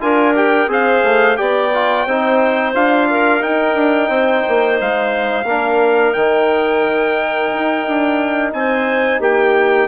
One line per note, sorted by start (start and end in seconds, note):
0.00 0.67 D4
0.00 0.34 F4
0.00 0.69 A#4
0.00 0.35 G#5
0.34 0.67 G4
0.34 0.70 G5
0.67 1.01 C4
0.67 1.36 G#4
0.67 1.37 C5
0.67 1.36 F5
1.03 1.37 A3
1.36 2.06 B3
1.36 1.70 G4
1.36 2.06 D5
1.36 2.73 G5
1.73 2.07 F4
2.06 2.74 C4
2.06 2.74 D#4
2.06 3.08 C5
2.74 3.42 D4
2.74 3.39 F4
2.74 3.42 F5
3.10 4.09 A#4
3.39 5.44 D#4
3.39 3.74 D#4
3.39 4.78 G5
3.74 4.08 D4
4.08 4.42 C4
4.08 5.45 C5
4.48 4.81 A#3
4.80 5.44 G#3
4.80 6.13 F5
5.44 6.13 A#3
5.44 6.16 D4
5.44 8.52 A#4
6.13 7.51 D#3
6.13 9.88 D#4
6.13 8.51 G5
7.53 7.87 D#4
7.87 8.53 D4
8.52 9.19 C4
8.52 9.20 C5
8.52 9.20 G#5
9.19 9.87 A#3
9.19 9.88 G4
9.19 9.88 G5